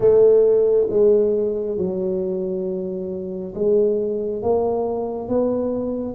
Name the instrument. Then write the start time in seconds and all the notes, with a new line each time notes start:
tuba
0.00 A3
0.89 G#3
1.77 F#3
3.55 G#3
4.42 A#3
5.28 B3